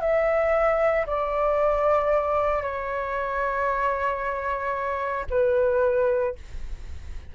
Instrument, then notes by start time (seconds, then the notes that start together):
flute
0.00 E5
1.06 D5
2.62 C#5
5.30 B4